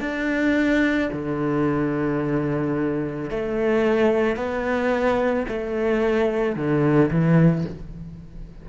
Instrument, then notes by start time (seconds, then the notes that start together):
cello
0.00 D4
1.12 D3
3.30 A3
4.36 B3
5.48 A3
6.56 D3
7.11 E3